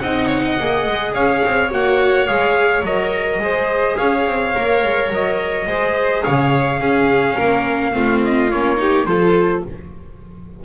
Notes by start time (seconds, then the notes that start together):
0.00 C4 D#4 D#5 F#5
0.27 C#5
0.45 D#5
0.60 A#3 G#4
0.87 G#3
1.14 C#4 C#5 F5
1.45 C4
1.71 A#3 F#4 F#5
2.27 G#3 G#4 F5
2.83 F#3 A#4 D#5
3.39 G#3 G#4 C5
3.97 C#4 C#5 F5
4.27 C4
4.55 A#3 A#4
4.84 G#3
5.10 F#3 D#5
5.67 G#3 G#4 C5
6.24 C#3 C#5 F5
6.80 C#4 G#4
7.36 A#3 A#4
7.93 A3 C4 F4
8.25 D#5
8.51 A#3 C#4 C#5
8.77 D#4 G4
9.06 F3 F4 A4 C5